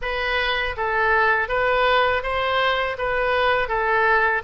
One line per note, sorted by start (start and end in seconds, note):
0.01 0.75 B4
0.76 1.48 A4
1.48 2.22 B4
2.22 2.96 C5
2.98 3.68 B4
3.68 4.42 A4